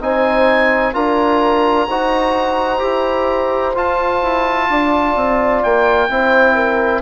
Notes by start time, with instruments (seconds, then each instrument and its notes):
0.00 bassoon C4, trombone D#4, horn C5, oboe G#5
0.94 bassoon D4, trombone F4, horn A#4, oboe A#5
1.88 bassoon D#4, trombone F#4, horn C5
2.79 bassoon E4, trombone G4
3.74 bassoon F4, trombone F4, oboe A5
4.22 bassoon E4
4.69 bassoon D4, horn D5
5.16 bassoon C4
5.63 bassoon A#3, oboe G5
6.09 bassoon C4, trombone E4, horn C5
6.55 horn A#4